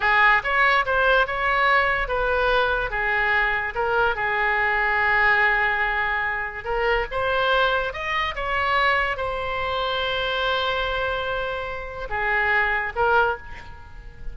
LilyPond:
\new Staff \with { instrumentName = "oboe" } { \time 4/4 \tempo 4 = 144 gis'4 cis''4 c''4 cis''4~ | cis''4 b'2 gis'4~ | gis'4 ais'4 gis'2~ | gis'1 |
ais'4 c''2 dis''4 | cis''2 c''2~ | c''1~ | c''4 gis'2 ais'4 | }